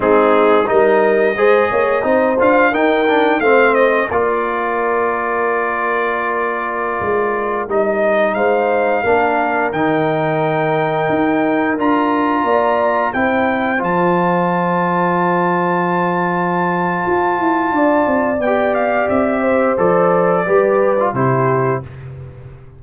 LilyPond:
<<
  \new Staff \with { instrumentName = "trumpet" } { \time 4/4 \tempo 4 = 88 gis'4 dis''2~ dis''8 f''8 | g''4 f''8 dis''8 d''2~ | d''2.~ d''16 dis''8.~ | dis''16 f''2 g''4.~ g''16~ |
g''4~ g''16 ais''2 g''8.~ | g''16 a''2.~ a''8.~ | a''2. g''8 f''8 | e''4 d''2 c''4 | }
  \new Staff \with { instrumentName = "horn" } { \time 4/4 dis'4 ais'4 c''8 cis''8 c''4 | ais'4 c''4 ais'2~ | ais'1~ | ais'16 c''4 ais'2~ ais'8.~ |
ais'2~ ais'16 d''4 c''8.~ | c''1~ | c''2 d''2~ | d''8 c''4. b'4 g'4 | }
  \new Staff \with { instrumentName = "trombone" } { \time 4/4 c'4 dis'4 gis'4 dis'8 f'8 | dis'8 d'8 c'4 f'2~ | f'2.~ f'16 dis'8.~ | dis'4~ dis'16 d'4 dis'4.~ dis'16~ |
dis'4~ dis'16 f'2 e'8.~ | e'16 f'2.~ f'8.~ | f'2. g'4~ | g'4 a'4 g'8. f'16 e'4 | }
  \new Staff \with { instrumentName = "tuba" } { \time 4/4 gis4 g4 gis8 ais8 c'8 d'8 | dis'4 a4 ais2~ | ais2~ ais16 gis4 g8.~ | g16 gis4 ais4 dis4.~ dis16~ |
dis16 dis'4 d'4 ais4 c'8.~ | c'16 f2.~ f8.~ | f4 f'8 e'8 d'8 c'8 b4 | c'4 f4 g4 c4 | }
>>